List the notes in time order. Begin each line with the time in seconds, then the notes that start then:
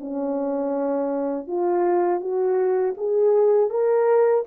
0.00 C#4
1.47 F4
2.20 F#4
2.97 G#4
3.70 A#4